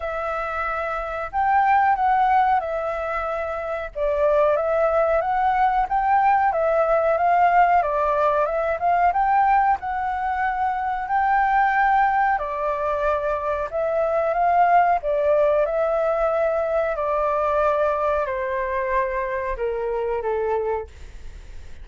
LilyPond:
\new Staff \with { instrumentName = "flute" } { \time 4/4 \tempo 4 = 92 e''2 g''4 fis''4 | e''2 d''4 e''4 | fis''4 g''4 e''4 f''4 | d''4 e''8 f''8 g''4 fis''4~ |
fis''4 g''2 d''4~ | d''4 e''4 f''4 d''4 | e''2 d''2 | c''2 ais'4 a'4 | }